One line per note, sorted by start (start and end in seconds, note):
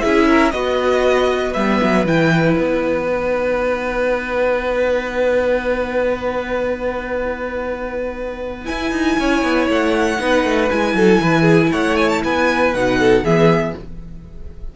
0.00 0.53 C#4
0.00 0.53 E4
0.00 0.28 G#4
0.00 0.51 E5
0.28 0.53 A#4
0.51 1.55 B3
0.51 1.55 F#4
0.51 9.19 B4
0.51 1.52 D#5
1.54 1.81 G3
1.54 2.07 B3
1.54 2.04 E5
1.83 2.05 F#3
2.05 2.56 E3
2.05 3.08 E4
2.05 2.56 G5
2.56 8.68 B3
2.56 8.66 F#5
3.08 8.65 D#4
8.65 10.18 E4
8.65 8.91 E4
8.65 9.68 G#5
8.91 9.17 D#4
9.19 9.43 C#4
9.19 10.21 C#5
9.43 9.68 B3
9.69 10.19 A3
9.69 10.70 F#5
10.18 10.44 B3
10.18 10.69 D#4
10.18 10.96 B4
10.44 10.69 A3
10.70 10.93 G#3
10.70 12.74 E4
10.70 11.72 G#5
10.93 11.19 F#3
10.93 11.21 A4
11.20 11.71 E3
11.20 11.42 B4
11.42 11.67 G#4
11.72 12.23 A3
11.72 12.23 C#5
11.72 11.97 F#5
11.97 12.09 G#5
12.09 12.22 A5
12.24 12.74 B3
12.24 12.99 B4
12.24 12.74 G#5
12.74 13.23 B2
12.74 13.25 D#4
12.74 13.25 F#5
12.99 13.24 A4
13.23 13.74 E3
13.23 13.76 B3
13.23 13.75 G#4
13.23 13.75 E5